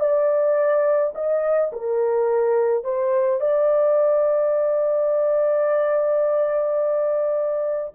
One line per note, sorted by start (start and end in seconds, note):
0.00 1.13 D5
1.15 1.72 D#5
1.72 2.85 A#4
2.85 3.41 C5
3.41 7.93 D5